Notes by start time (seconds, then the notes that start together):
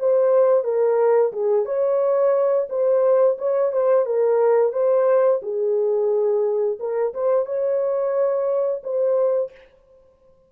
0.00 C5
0.64 A#4
1.33 G#4
1.66 C#5
2.70 C5
3.38 C#5
3.73 C5
4.06 A#4
4.73 C5
5.43 G#4
6.80 A#4
7.14 C5
7.46 C#5
8.84 C5